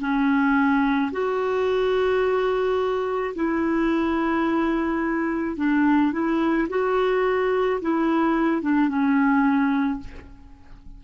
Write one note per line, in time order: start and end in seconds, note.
0.00 1.11 C#4
1.12 3.34 F#4
3.35 5.57 E4
5.57 6.12 D4
6.12 6.68 E4
6.69 7.80 F#4
7.81 8.62 E4
8.62 8.89 D4
8.89 10.00 C#4